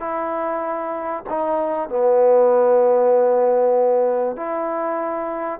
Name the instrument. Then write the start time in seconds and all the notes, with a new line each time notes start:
trombone
0.00 E4
1.29 D#4
1.89 B3
4.36 E4